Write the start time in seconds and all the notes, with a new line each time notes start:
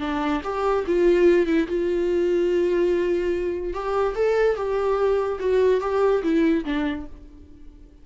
0.00 D4
0.43 G4
0.87 F4
1.46 E4
1.67 F4
3.73 G4
4.15 A4
4.56 G4
5.39 F#4
5.81 G4
6.23 E4
6.65 D4